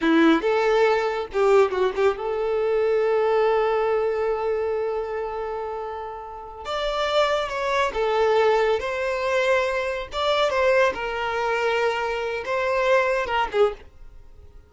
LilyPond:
\new Staff \with { instrumentName = "violin" } { \time 4/4 \tempo 4 = 140 e'4 a'2 g'4 | fis'8 g'8 a'2.~ | a'1~ | a'2.~ a'8 d''8~ |
d''4. cis''4 a'4.~ | a'8 c''2. d''8~ | d''8 c''4 ais'2~ ais'8~ | ais'4 c''2 ais'8 gis'8 | }